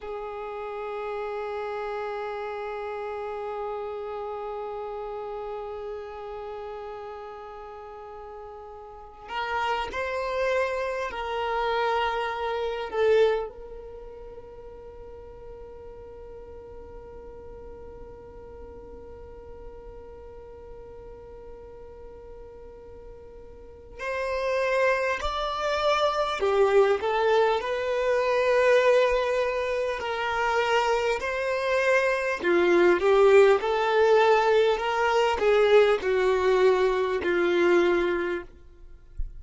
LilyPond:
\new Staff \with { instrumentName = "violin" } { \time 4/4 \tempo 4 = 50 gis'1~ | gis'2.~ gis'8. ais'16~ | ais'16 c''4 ais'4. a'8 ais'8.~ | ais'1~ |
ais'1 | c''4 d''4 g'8 a'8 b'4~ | b'4 ais'4 c''4 f'8 g'8 | a'4 ais'8 gis'8 fis'4 f'4 | }